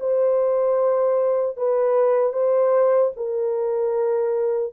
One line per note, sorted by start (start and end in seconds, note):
0.00 1.57 C5
1.57 2.33 B4
2.33 3.11 C5
3.17 4.73 A#4